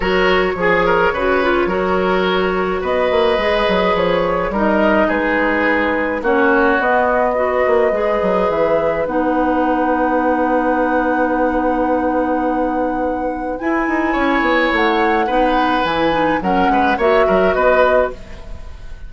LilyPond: <<
  \new Staff \with { instrumentName = "flute" } { \time 4/4 \tempo 4 = 106 cis''1~ | cis''4 dis''2 cis''4 | dis''4 b'2 cis''4 | dis''2. e''4 |
fis''1~ | fis''1 | gis''2 fis''2 | gis''4 fis''4 e''4 dis''4 | }
  \new Staff \with { instrumentName = "oboe" } { \time 4/4 ais'4 gis'8 ais'8 b'4 ais'4~ | ais'4 b'2. | ais'4 gis'2 fis'4~ | fis'4 b'2.~ |
b'1~ | b'1~ | b'4 cis''2 b'4~ | b'4 ais'8 b'8 cis''8 ais'8 b'4 | }
  \new Staff \with { instrumentName = "clarinet" } { \time 4/4 fis'4 gis'4 fis'8 f'8 fis'4~ | fis'2 gis'2 | dis'2. cis'4 | b4 fis'4 gis'2 |
dis'1~ | dis'1 | e'2. dis'4 | e'8 dis'8 cis'4 fis'2 | }
  \new Staff \with { instrumentName = "bassoon" } { \time 4/4 fis4 f4 cis4 fis4~ | fis4 b8 ais8 gis8 fis8 f4 | g4 gis2 ais4 | b4. ais8 gis8 fis8 e4 |
b1~ | b1 | e'8 dis'8 cis'8 b8 a4 b4 | e4 fis8 gis8 ais8 fis8 b4 | }
>>